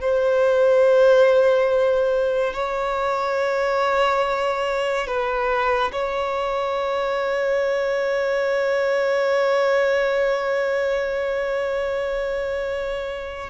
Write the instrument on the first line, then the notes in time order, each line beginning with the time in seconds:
violin
0.00 C5
2.54 C#5
5.07 B4
5.92 C#5